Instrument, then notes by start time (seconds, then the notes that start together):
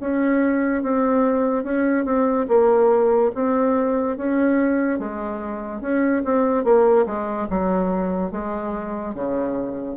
bassoon
0.00 C#4
0.82 C4
1.64 C#4
2.05 C4
2.48 A#3
3.34 C4
4.17 C#4
4.99 G#3
5.81 C#4
6.24 C4
6.64 A#3
7.06 G#3
7.50 F#3
8.31 G#3
9.14 C#3